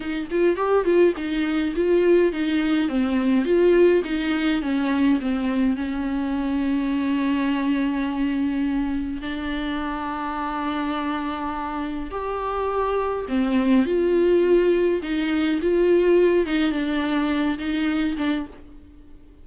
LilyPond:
\new Staff \with { instrumentName = "viola" } { \time 4/4 \tempo 4 = 104 dis'8 f'8 g'8 f'8 dis'4 f'4 | dis'4 c'4 f'4 dis'4 | cis'4 c'4 cis'2~ | cis'1 |
d'1~ | d'4 g'2 c'4 | f'2 dis'4 f'4~ | f'8 dis'8 d'4. dis'4 d'8 | }